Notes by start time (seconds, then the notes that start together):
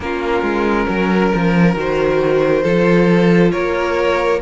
0.00 A#3 C#4 F4 A#4
0.42 G#3
0.87 F#3 A#4
1.35 F3
1.75 D#3 F#4 C5
2.63 F3 F4 A4
3.51 A#3 A#4 C#5